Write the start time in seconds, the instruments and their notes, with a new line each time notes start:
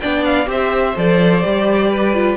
0.00 cello B3, viola D4, violin D5 G5
0.25 violin F5
0.46 cello C4, viola G4, violin C5 E5
0.97 cello F3, viola A4, violin D5
1.43 cello G3, viola G4
1.90 violin B4
2.14 viola F4